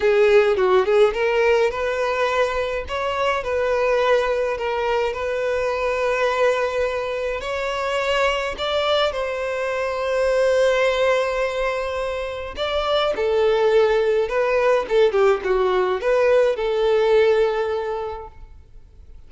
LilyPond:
\new Staff \with { instrumentName = "violin" } { \time 4/4 \tempo 4 = 105 gis'4 fis'8 gis'8 ais'4 b'4~ | b'4 cis''4 b'2 | ais'4 b'2.~ | b'4 cis''2 d''4 |
c''1~ | c''2 d''4 a'4~ | a'4 b'4 a'8 g'8 fis'4 | b'4 a'2. | }